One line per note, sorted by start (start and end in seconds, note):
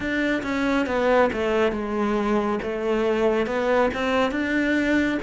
0.00 0.42 D4
0.43 0.86 C#4
0.86 1.30 B3
1.32 1.72 A3
1.72 2.59 G#3
2.62 3.46 A3
3.46 3.90 B3
3.94 4.31 C4
4.31 5.18 D4